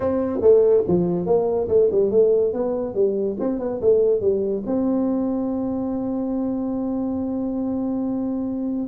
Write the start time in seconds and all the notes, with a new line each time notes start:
0.00 C4
0.41 A3
0.87 F3
1.26 A#3
1.68 A3
1.91 G3
2.10 A3
2.53 B3
2.94 G3
3.39 C4
3.59 B3
3.81 A3
4.20 G3
4.65 C4